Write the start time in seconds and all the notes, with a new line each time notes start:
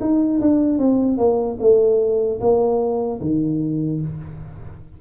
0.00 D#4
0.40 D4
0.78 C4
1.17 A#3
1.60 A3
2.40 A#3
3.20 D#3